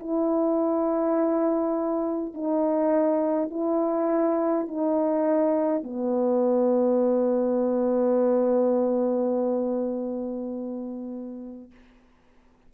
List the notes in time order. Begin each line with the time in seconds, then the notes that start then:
0.00 E4
2.34 D#4
3.50 E4
4.68 D#4
5.83 B3